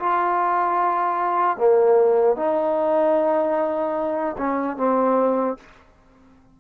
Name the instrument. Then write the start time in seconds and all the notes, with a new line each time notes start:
trombone
0.00 F4
1.58 A#3
2.36 D#4
4.38 C#4
4.77 C4